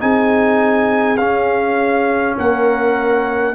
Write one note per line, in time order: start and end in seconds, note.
0.00 1.19 C4
0.00 1.18 D#4
0.00 2.38 G#4
0.00 1.18 G#5
1.18 2.37 C#4
1.18 3.55 C#4
1.18 2.35 F5
2.38 3.55 A#3
2.38 3.55 A#4
2.38 3.55 F#5